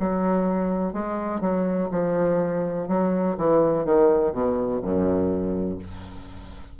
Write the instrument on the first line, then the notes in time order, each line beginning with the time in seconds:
bassoon
0.00 F#3
0.93 G#3
1.41 F#3
1.91 F3
2.88 F#3
3.37 E3
3.85 D#3
4.32 B2
4.82 F#2